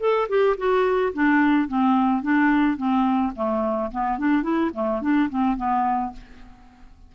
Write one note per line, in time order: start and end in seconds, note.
0.00 0.28 A4
0.29 0.56 G4
0.57 1.13 F#4
1.14 1.68 D4
1.68 2.22 C4
2.22 2.77 D4
2.77 3.33 C4
3.36 3.91 A3
3.91 4.18 B3
4.18 4.43 D4
4.43 4.71 E4
4.74 5.02 A3
5.02 5.29 D4
5.30 5.57 C4
5.57 6.12 B3